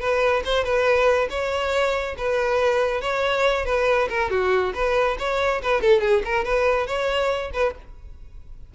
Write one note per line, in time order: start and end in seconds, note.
0.00 0.43 B4
0.45 0.64 C5
0.64 1.28 B4
1.30 2.16 C#5
2.18 3.01 B4
3.01 3.65 C#5
3.65 4.08 B4
4.09 4.31 A#4
4.31 4.74 F#4
4.74 5.17 B4
5.19 5.62 C#5
5.62 5.81 B4
5.81 6.01 A4
6.01 6.23 G#4
6.25 6.45 A#4
6.45 6.87 B4
6.87 7.51 C#5
7.53 7.75 B4